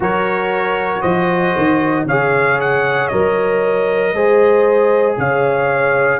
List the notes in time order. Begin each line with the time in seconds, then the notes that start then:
0.00 F#3 F#4 A#4 C#5
1.01 F3 C5 D#5
1.56 D#3
2.05 C#3 G#4 C#5 F5
2.60 F#5
3.07 F#3 A#4 D#5
4.12 G#3 G#4 C5
5.17 C#3 C#5 F5